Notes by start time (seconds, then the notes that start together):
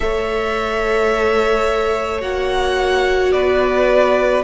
0.00 A3 A4 C#5 E5
2.20 A#3 F#4 F#5
3.31 B3 B4 D5